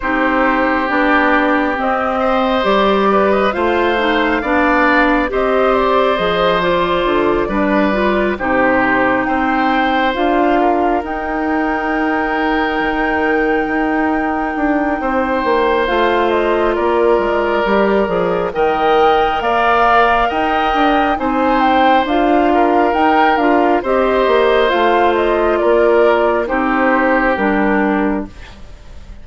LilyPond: <<
  \new Staff \with { instrumentName = "flute" } { \time 4/4 \tempo 4 = 68 c''4 d''4 dis''4 d''8. dis''16 | f''2 dis''8 d''8 dis''8 d''8~ | d''4. c''4 g''4 f''8~ | f''8 g''2.~ g''8~ |
g''2 f''8 dis''8 d''4~ | d''4 g''4 f''4 g''4 | gis''8 g''8 f''4 g''8 f''8 dis''4 | f''8 dis''8 d''4 c''4 ais'4 | }
  \new Staff \with { instrumentName = "oboe" } { \time 4/4 g'2~ g'8 c''4 b'8 | c''4 d''4 c''2~ | c''8 b'4 g'4 c''4. | ais'1~ |
ais'4 c''2 ais'4~ | ais'4 dis''4 d''4 dis''4 | c''4. ais'4. c''4~ | c''4 ais'4 g'2 | }
  \new Staff \with { instrumentName = "clarinet" } { \time 4/4 dis'4 d'4 c'4 g'4 | f'8 dis'8 d'4 g'4 gis'8 f'8~ | f'8 d'8 f'8 dis'2 f'8~ | f'8 dis'2.~ dis'8~ |
dis'2 f'2 | g'8 gis'8 ais'2. | dis'4 f'4 dis'8 f'8 g'4 | f'2 dis'4 d'4 | }
  \new Staff \with { instrumentName = "bassoon" } { \time 4/4 c'4 b4 c'4 g4 | a4 b4 c'4 f4 | d8 g4 c4 c'4 d'8~ | d'8 dis'2 dis4 dis'8~ |
dis'8 d'8 c'8 ais8 a4 ais8 gis8 | g8 f8 dis4 ais4 dis'8 d'8 | c'4 d'4 dis'8 d'8 c'8 ais8 | a4 ais4 c'4 g4 | }
>>